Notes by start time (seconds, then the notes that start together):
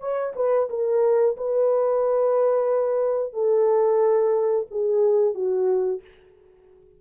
0.00 C#5
0.36 B4
0.70 A#4
1.37 B4
3.33 A4
4.71 G#4
5.35 F#4